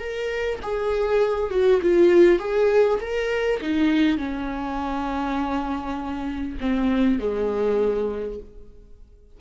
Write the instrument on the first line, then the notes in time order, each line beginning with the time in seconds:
viola
0.00 A#4
0.63 G#4
1.51 F#4
1.82 F4
2.39 G#4
3.01 A#4
3.61 D#4
4.18 C#4
6.61 C4
7.19 G#3